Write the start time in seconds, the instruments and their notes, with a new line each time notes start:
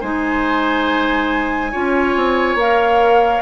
0.00 bassoon G#3, clarinet D#4, oboe C5, flute G#5
1.71 bassoon C#4, clarinet F4, oboe C#5
2.16 bassoon C4
2.55 bassoon A#3, clarinet A#4, flute F5